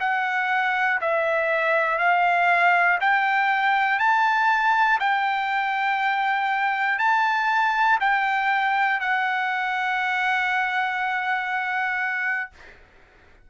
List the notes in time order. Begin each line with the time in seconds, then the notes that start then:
0.00 F#5
1.01 E5
1.99 F5
3.00 G5
4.00 A5
5.00 G5
6.99 A5
8.00 G5
9.00 F#5